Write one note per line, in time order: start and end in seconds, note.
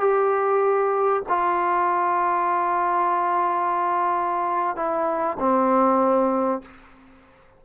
0.00 1.22 G4
1.28 4.76 F4
4.76 5.37 E4
5.39 6.62 C4